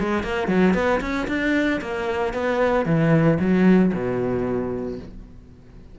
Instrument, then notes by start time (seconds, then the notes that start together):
cello
0.00 G#3
0.23 A#3
0.48 F#3
0.75 B3
1.01 C#4
1.28 D4
1.82 A#3
2.34 B3
2.86 E3
3.40 F#3
3.94 B2